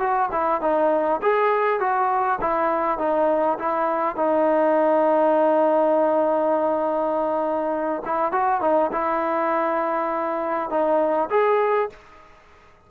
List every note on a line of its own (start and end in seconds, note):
0.00 0.30 F#4
0.32 0.62 E4
0.62 1.21 D#4
1.22 1.80 G#4
1.80 2.40 F#4
2.41 2.99 E4
2.99 3.58 D#4
3.59 4.16 E4
4.16 8.03 D#4
8.05 8.32 E4
8.32 8.61 F#4
8.61 8.91 D#4
8.92 10.70 E4
10.70 11.30 D#4
11.30 11.90 G#4